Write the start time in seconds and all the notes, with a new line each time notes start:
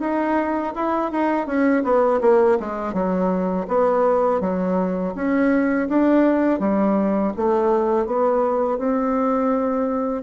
0.00 D#4
0.76 E4
1.12 D#4
1.47 C#4
1.84 B3
2.22 A#3
2.60 G#3
2.94 F#3
3.68 B3
4.41 F#3
5.15 C#4
5.89 D4
6.60 G3
7.37 A3
8.06 B3
8.78 C4